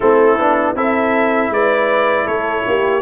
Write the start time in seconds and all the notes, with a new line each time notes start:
0.00 A3 C4 E4 A4
0.38 B3 D4
0.74 C4 E4 A4 E5
1.49 G#3 B4 D5
2.25 A3 A4 C#5
2.67 A#3 G4